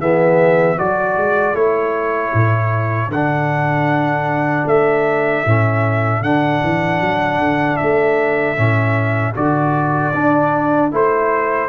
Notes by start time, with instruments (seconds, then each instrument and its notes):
0.00 tuba E3, trombone B3, horn G#4, trumpet E5
0.78 tuba F#3, trombone F#4, horn A4, trumpet D5
1.18 tuba G#3
1.54 tuba A3, trombone E4, trumpet C#5
2.34 tuba A2
3.09 tuba D3, trumpet F#5
3.15 trombone D4
4.66 tuba A3, trumpet E5
5.46 tuba A2, trombone C#4
6.22 tuba D3, trombone D4, trumpet F#5
6.64 tuba E3
7.01 tuba F#3
7.39 tuba D3
7.77 tuba A3, trumpet E5
8.57 tuba A2, trombone C#4
9.35 tuba D3, trombone F#4, trumpet D5
10.15 trombone D4, tuba D4
10.92 tuba A3, trombone E4, trumpet C5